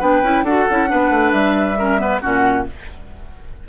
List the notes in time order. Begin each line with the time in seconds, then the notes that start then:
0.00 B3 D4 B4 G5
0.22 C#4 E4
0.43 D4 F#4 A4 F#5
0.70 C#4 E4
0.87 B3 D4 B4
1.11 A3
1.32 G3 E5
1.78 C#4 A#4
1.98 B3 B4
2.21 A#2 C#4 F#4 F#5